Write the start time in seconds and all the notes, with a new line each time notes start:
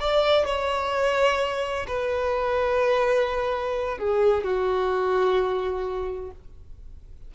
0.00 D5
0.46 C#5
1.87 B4
3.98 G#4
4.44 F#4